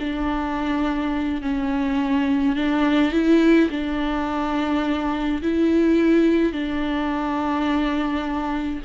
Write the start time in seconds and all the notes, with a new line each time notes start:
0.00 D4
1.42 C#4
2.56 D4
3.12 E4
3.71 D4
5.43 E4
6.53 D4